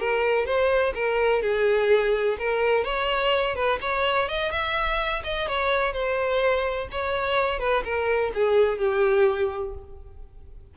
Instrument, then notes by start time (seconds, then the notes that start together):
violin
0.00 A#4
0.46 C5
0.95 A#4
1.42 G#4
2.39 A#4
2.84 C#5
3.56 B4
3.81 C#5
4.29 D#5
4.52 E5
5.24 D#5
5.48 C#5
5.93 C5
6.92 C#5
7.60 B4
7.85 A#4
8.34 G#4
8.79 G4